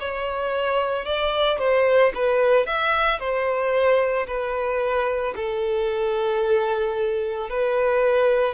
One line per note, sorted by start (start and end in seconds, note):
0.00 1.06 C#5
1.06 1.59 D5
1.59 2.12 C5
2.15 2.66 B4
2.66 3.19 E5
3.19 4.27 C5
4.28 5.35 B4
5.36 7.50 A4
7.50 8.54 B4